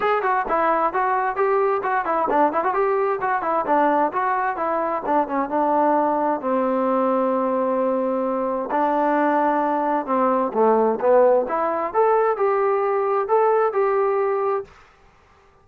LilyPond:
\new Staff \with { instrumentName = "trombone" } { \time 4/4 \tempo 4 = 131 gis'8 fis'8 e'4 fis'4 g'4 | fis'8 e'8 d'8 e'16 fis'16 g'4 fis'8 e'8 | d'4 fis'4 e'4 d'8 cis'8 | d'2 c'2~ |
c'2. d'4~ | d'2 c'4 a4 | b4 e'4 a'4 g'4~ | g'4 a'4 g'2 | }